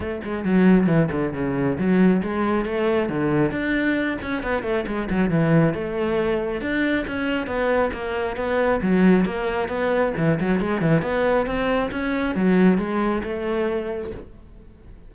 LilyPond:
\new Staff \with { instrumentName = "cello" } { \time 4/4 \tempo 4 = 136 a8 gis8 fis4 e8 d8 cis4 | fis4 gis4 a4 d4 | d'4. cis'8 b8 a8 gis8 fis8 | e4 a2 d'4 |
cis'4 b4 ais4 b4 | fis4 ais4 b4 e8 fis8 | gis8 e8 b4 c'4 cis'4 | fis4 gis4 a2 | }